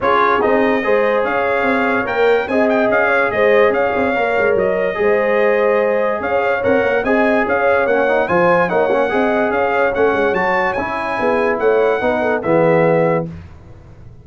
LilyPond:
<<
  \new Staff \with { instrumentName = "trumpet" } { \time 4/4 \tempo 4 = 145 cis''4 dis''2 f''4~ | f''4 g''4 gis''8 g''8 f''4 | dis''4 f''2 dis''4~ | dis''2. f''4 |
fis''4 gis''4 f''4 fis''4 | gis''4 fis''2 f''4 | fis''4 a''4 gis''2 | fis''2 e''2 | }
  \new Staff \with { instrumentName = "horn" } { \time 4/4 gis'2 c''4 cis''4~ | cis''2 dis''4. cis''8 | c''4 cis''2. | c''2. cis''4~ |
cis''4 dis''4 cis''2 | c''4 cis''4 dis''4 cis''4~ | cis''2. gis'4 | cis''4 b'8 a'8 gis'2 | }
  \new Staff \with { instrumentName = "trombone" } { \time 4/4 f'4 dis'4 gis'2~ | gis'4 ais'4 gis'2~ | gis'2 ais'2 | gis'1 |
ais'4 gis'2 cis'8 dis'8 | f'4 dis'8 cis'8 gis'2 | cis'4 fis'4 e'2~ | e'4 dis'4 b2 | }
  \new Staff \with { instrumentName = "tuba" } { \time 4/4 cis'4 c'4 gis4 cis'4 | c'4 ais4 c'4 cis'4 | gis4 cis'8 c'8 ais8 gis8 fis4 | gis2. cis'4 |
c'8 ais8 c'4 cis'4 ais4 | f4 ais4 c'4 cis'4 | a8 gis8 fis4 cis'4 b4 | a4 b4 e2 | }
>>